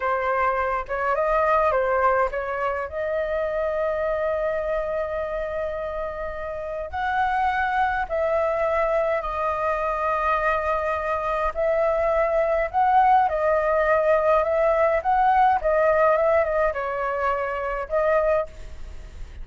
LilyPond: \new Staff \with { instrumentName = "flute" } { \time 4/4 \tempo 4 = 104 c''4. cis''8 dis''4 c''4 | cis''4 dis''2.~ | dis''1 | fis''2 e''2 |
dis''1 | e''2 fis''4 dis''4~ | dis''4 e''4 fis''4 dis''4 | e''8 dis''8 cis''2 dis''4 | }